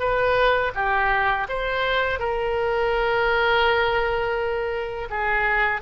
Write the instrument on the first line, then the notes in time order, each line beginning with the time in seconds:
oboe
0.00 B4
0.76 G4
1.50 C5
2.20 A#4
5.10 G#4